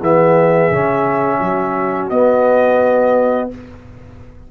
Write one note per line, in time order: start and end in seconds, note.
0.00 0.70 E3
0.00 0.72 B3
0.00 1.39 G#4
0.00 2.09 E5
0.71 1.41 C#3
0.71 2.11 C#4
1.39 2.10 F#3
1.39 3.48 F#4
2.09 3.50 B3
2.09 3.51 B3
2.09 3.49 D#5